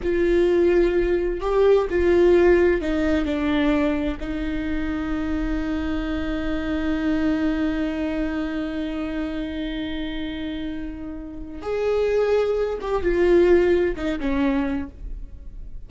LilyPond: \new Staff \with { instrumentName = "viola" } { \time 4/4 \tempo 4 = 129 f'2. g'4 | f'2 dis'4 d'4~ | d'4 dis'2.~ | dis'1~ |
dis'1~ | dis'1~ | dis'4 gis'2~ gis'8 g'8 | f'2 dis'8 cis'4. | }